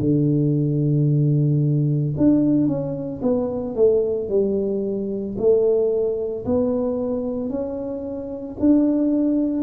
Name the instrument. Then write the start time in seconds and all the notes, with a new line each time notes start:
tuba
0.00 D3
2.17 D4
2.67 C#4
3.22 B3
3.75 A3
4.29 G3
5.38 A3
6.45 B3
7.50 C#4
8.60 D4